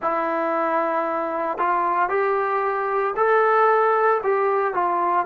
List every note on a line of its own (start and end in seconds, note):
0.01 1.58 E4
1.58 2.09 F4
2.09 3.14 G4
3.16 4.21 A4
4.23 4.74 G4
4.74 5.25 F4